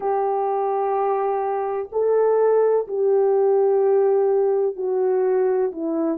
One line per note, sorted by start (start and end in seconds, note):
0.00 1.88 G4
1.91 2.87 A4
2.87 4.76 G4
4.76 5.71 F#4
5.71 6.18 E4